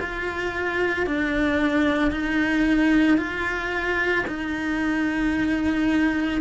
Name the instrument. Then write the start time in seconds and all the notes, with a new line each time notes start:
cello
0.00 F4
1.07 D4
2.11 D#4
3.18 F4
4.28 D#4